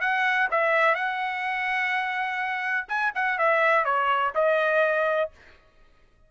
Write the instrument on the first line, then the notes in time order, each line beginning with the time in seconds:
trumpet
0.00 F#5
0.50 E5
0.94 F#5
2.88 G#5
3.14 F#5
3.38 E5
3.84 C#5
4.35 D#5